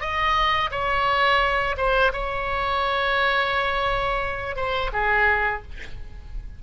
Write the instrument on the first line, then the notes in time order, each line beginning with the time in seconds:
oboe
0.00 D#5
0.71 C#5
1.77 C5
2.12 C#5
4.56 C5
4.92 G#4